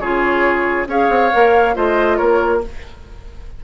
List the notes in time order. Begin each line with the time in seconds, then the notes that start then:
0.00 C#3 F4 G#4 C#5
0.87 C#4 G#4 C#5 F5
1.10 C4
1.32 A#3 A#4
1.75 A3 F4 C5 D#5
2.17 A#3 A#4 C#5